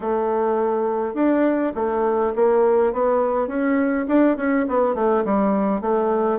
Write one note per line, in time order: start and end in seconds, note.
0.00 1.14 A3
1.14 1.72 D4
1.75 2.33 A3
2.35 2.92 A#3
2.92 3.47 B3
3.47 4.06 C#4
4.08 4.36 D4
4.36 4.65 C#4
4.68 4.95 B3
4.95 5.24 A3
5.24 5.81 G3
5.81 6.39 A3